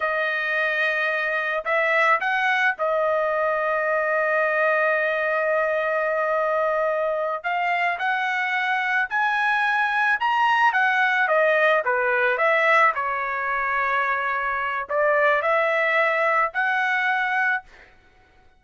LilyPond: \new Staff \with { instrumentName = "trumpet" } { \time 4/4 \tempo 4 = 109 dis''2. e''4 | fis''4 dis''2.~ | dis''1~ | dis''4. f''4 fis''4.~ |
fis''8 gis''2 ais''4 fis''8~ | fis''8 dis''4 b'4 e''4 cis''8~ | cis''2. d''4 | e''2 fis''2 | }